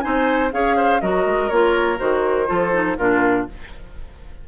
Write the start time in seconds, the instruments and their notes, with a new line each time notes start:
0.00 bassoon C4, clarinet D#4, oboe C5, flute G#5
0.51 bassoon C#4, clarinet G#4, oboe C#5, flute F5
0.76 oboe C5
1.01 bassoon F#3, clarinet F#4, oboe A#4, flute D#5
1.25 bassoon G#3
1.49 bassoon A#3, clarinet F4, flute C#5
1.98 bassoon D#3, clarinet F#4, flute C5
2.46 bassoon F3, clarinet F4, oboe A4
2.72 clarinet D#4
2.97 bassoon A#2, clarinet D4, oboe F4, flute A#4